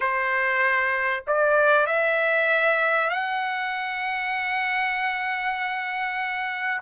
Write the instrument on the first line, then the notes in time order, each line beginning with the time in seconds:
trumpet
0.00 C5
1.27 D5
1.86 E5
3.10 F#5